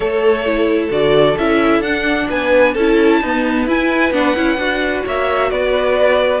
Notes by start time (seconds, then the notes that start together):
0.00 A3 A4 C#5
0.45 E4
0.90 D3 F#4 D5
1.37 C#4 E4 E5
1.79 D4 F#5
2.29 B3 B4 G#5
2.74 C#4 E4 A4 A5
3.20 B3 D#4 B4
3.66 E4 G#5
4.11 B3 D4 F#5
4.35 C#4 E4
4.57 D4 F#4
5.04 A#3 C#5 E5
5.50 B3 B4 D5